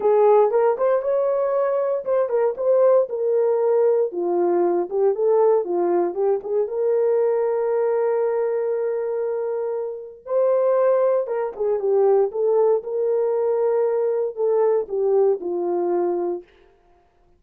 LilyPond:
\new Staff \with { instrumentName = "horn" } { \time 4/4 \tempo 4 = 117 gis'4 ais'8 c''8 cis''2 | c''8 ais'8 c''4 ais'2 | f'4. g'8 a'4 f'4 | g'8 gis'8 ais'2.~ |
ais'1 | c''2 ais'8 gis'8 g'4 | a'4 ais'2. | a'4 g'4 f'2 | }